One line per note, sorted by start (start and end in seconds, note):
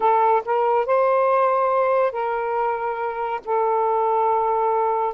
0.00 0.42 A4
0.45 0.86 A#4
0.86 2.12 C5
2.12 3.40 A#4
3.45 5.14 A4